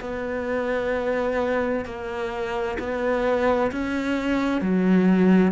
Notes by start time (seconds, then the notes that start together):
0.00 B3
1.85 A#3
2.79 B3
3.71 C#4
4.61 F#3